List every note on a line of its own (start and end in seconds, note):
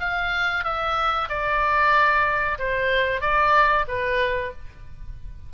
0.00 0.64 F5
0.64 1.29 E5
1.29 2.58 D5
2.58 3.21 C5
3.21 3.86 D5
3.88 4.52 B4